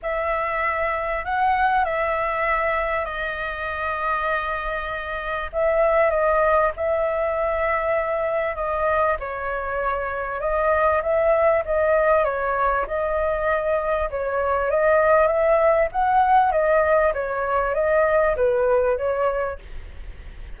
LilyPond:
\new Staff \with { instrumentName = "flute" } { \time 4/4 \tempo 4 = 98 e''2 fis''4 e''4~ | e''4 dis''2.~ | dis''4 e''4 dis''4 e''4~ | e''2 dis''4 cis''4~ |
cis''4 dis''4 e''4 dis''4 | cis''4 dis''2 cis''4 | dis''4 e''4 fis''4 dis''4 | cis''4 dis''4 b'4 cis''4 | }